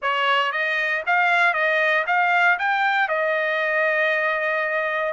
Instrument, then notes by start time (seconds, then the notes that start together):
trumpet
0.01 C#5
0.52 D#5
1.06 F5
1.53 D#5
2.06 F5
2.59 G5
3.08 D#5